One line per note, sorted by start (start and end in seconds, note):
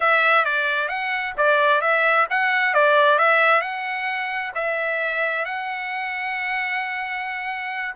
0.00 0.44 E5
0.44 0.88 D5
0.88 1.33 F#5
1.37 1.81 D5
1.81 2.26 E5
2.30 2.74 F#5
2.74 3.18 D5
3.18 3.61 E5
3.61 4.52 F#5
4.55 5.45 E5
5.45 7.95 F#5